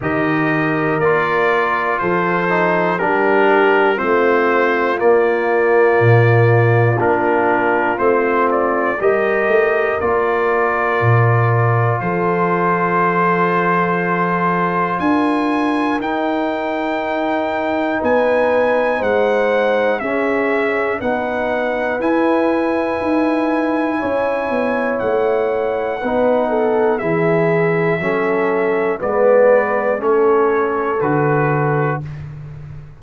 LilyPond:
<<
  \new Staff \with { instrumentName = "trumpet" } { \time 4/4 \tempo 4 = 60 dis''4 d''4 c''4 ais'4 | c''4 d''2 ais'4 | c''8 d''8 dis''4 d''2 | c''2. gis''4 |
g''2 gis''4 fis''4 | e''4 fis''4 gis''2~ | gis''4 fis''2 e''4~ | e''4 d''4 cis''4 b'4 | }
  \new Staff \with { instrumentName = "horn" } { \time 4/4 ais'2 a'4 g'4 | f'1~ | f'4 ais'2. | a'2. ais'4~ |
ais'2 b'4 c''4 | gis'4 b'2. | cis''2 b'8 a'8 gis'4 | a'4 b'4 a'2 | }
  \new Staff \with { instrumentName = "trombone" } { \time 4/4 g'4 f'4. dis'8 d'4 | c'4 ais2 d'4 | c'4 g'4 f'2~ | f'1 |
dis'1 | cis'4 dis'4 e'2~ | e'2 dis'4 e'4 | cis'4 b4 cis'4 fis'4 | }
  \new Staff \with { instrumentName = "tuba" } { \time 4/4 dis4 ais4 f4 g4 | a4 ais4 ais,4 ais4 | a4 g8 a8 ais4 ais,4 | f2. d'4 |
dis'2 b4 gis4 | cis'4 b4 e'4 dis'4 | cis'8 b8 a4 b4 e4 | fis4 gis4 a4 d4 | }
>>